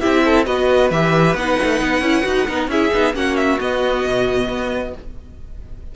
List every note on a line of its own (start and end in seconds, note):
0.00 0.47 C4
0.00 0.45 E4
0.00 0.22 G4
0.00 0.46 E5
0.25 0.47 A4
0.45 0.91 B3
0.45 0.90 F#4
0.45 2.48 B4
0.45 0.91 D#5
0.91 1.35 E3
0.91 1.37 G4
0.91 1.36 E5
1.35 1.57 B3
1.35 2.03 D#4
1.35 2.70 F#5
1.63 1.81 A3
1.81 2.01 B3
2.01 2.24 C#4
2.01 2.24 E4
2.24 2.48 D#4
2.24 2.46 F#4
2.48 2.68 B3
2.48 2.70 D#4
2.48 2.70 A#4
2.68 2.90 C#4
2.68 2.93 E4
2.68 3.16 G#4
2.68 3.15 E5
2.93 3.15 B3
2.93 3.14 D#4
3.14 3.59 A#3
3.14 3.59 C#4
3.14 4.95 F#4
3.14 3.36 F#5
3.36 3.59 E5
3.59 4.94 B3
3.59 4.05 B3
3.59 4.96 D#5
4.06 4.49 B2
4.49 4.93 B3